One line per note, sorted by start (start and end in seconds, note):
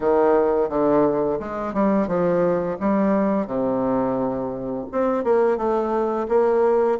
0.00 0.68 D#3
0.68 1.38 D3
1.39 1.73 G#3
1.73 2.07 G3
2.07 2.77 F3
2.79 3.47 G3
3.47 4.86 C3
4.92 5.23 C4
5.23 5.57 A#3
5.57 6.26 A3
6.28 6.98 A#3